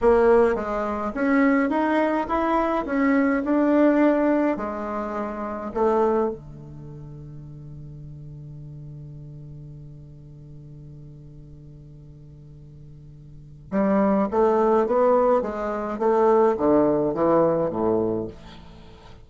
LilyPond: \new Staff \with { instrumentName = "bassoon" } { \time 4/4 \tempo 4 = 105 ais4 gis4 cis'4 dis'4 | e'4 cis'4 d'2 | gis2 a4 d4~ | d1~ |
d1~ | d1 | g4 a4 b4 gis4 | a4 d4 e4 a,4 | }